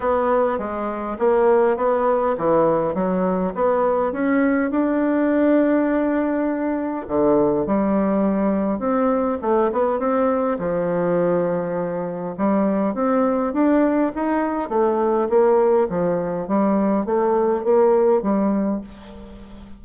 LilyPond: \new Staff \with { instrumentName = "bassoon" } { \time 4/4 \tempo 4 = 102 b4 gis4 ais4 b4 | e4 fis4 b4 cis'4 | d'1 | d4 g2 c'4 |
a8 b8 c'4 f2~ | f4 g4 c'4 d'4 | dis'4 a4 ais4 f4 | g4 a4 ais4 g4 | }